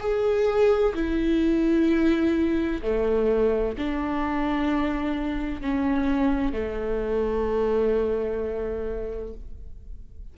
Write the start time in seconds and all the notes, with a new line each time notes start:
0.00 G#4
0.95 E4
2.82 A3
3.78 D4
5.61 C#4
6.53 A3